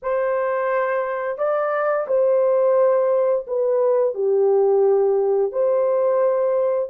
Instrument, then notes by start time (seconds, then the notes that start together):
horn
0.02 C5
1.38 D5
2.07 C5
3.47 B4
4.14 G4
5.52 C5